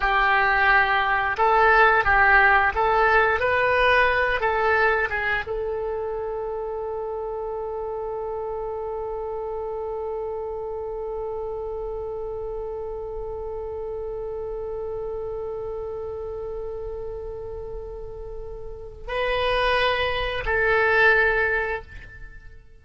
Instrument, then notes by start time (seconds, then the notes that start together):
oboe
0.00 G4
1.37 A4
2.04 G4
2.74 A4
3.39 B4
4.40 A4
5.10 G#4
5.47 A4
19.07 B4
20.45 A4